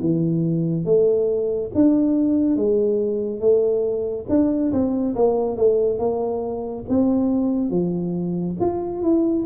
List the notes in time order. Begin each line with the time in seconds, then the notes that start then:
0.00 E3
0.85 A3
1.75 D4
2.56 G#3
3.40 A3
4.29 D4
4.72 C4
5.15 A#3
5.57 A3
5.99 A#3
6.89 C4
7.70 F3
8.60 F4
9.02 E4